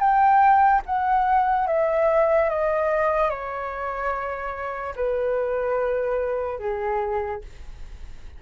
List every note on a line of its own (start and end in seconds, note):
0.00 0.82 G5
0.86 1.67 F#5
1.67 2.50 E5
2.50 3.30 D#5
3.30 4.95 C#5
4.97 6.60 B4
6.60 7.42 G#4